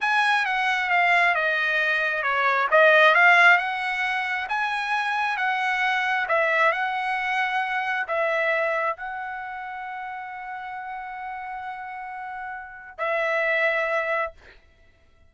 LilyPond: \new Staff \with { instrumentName = "trumpet" } { \time 4/4 \tempo 4 = 134 gis''4 fis''4 f''4 dis''4~ | dis''4 cis''4 dis''4 f''4 | fis''2 gis''2 | fis''2 e''4 fis''4~ |
fis''2 e''2 | fis''1~ | fis''1~ | fis''4 e''2. | }